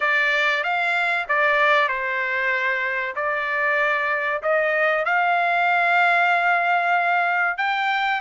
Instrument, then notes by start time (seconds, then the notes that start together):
trumpet
0.00 D5
0.63 F5
1.28 D5
1.88 C5
3.16 D5
4.42 D#5
5.05 F5
7.57 G5